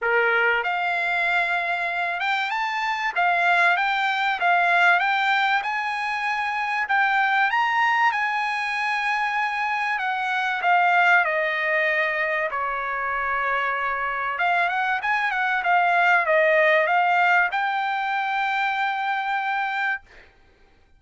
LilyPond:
\new Staff \with { instrumentName = "trumpet" } { \time 4/4 \tempo 4 = 96 ais'4 f''2~ f''8 g''8 | a''4 f''4 g''4 f''4 | g''4 gis''2 g''4 | ais''4 gis''2. |
fis''4 f''4 dis''2 | cis''2. f''8 fis''8 | gis''8 fis''8 f''4 dis''4 f''4 | g''1 | }